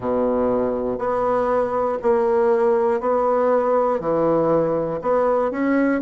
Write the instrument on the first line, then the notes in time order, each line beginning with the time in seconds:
bassoon
0.00 B2
0.98 B3
2.01 A#3
3.00 B3
4.00 E3
5.01 B3
5.50 C#4